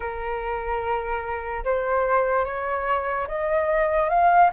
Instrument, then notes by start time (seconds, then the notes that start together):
flute
0.00 A#4
1.64 C5
2.44 C#5
3.27 D#5
4.09 F5